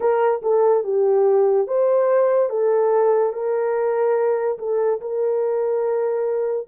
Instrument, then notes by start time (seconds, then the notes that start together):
horn
0.00 A#4
0.42 A4
0.83 G4
1.67 C5
2.49 A4
3.33 A#4
4.58 A4
5.00 A#4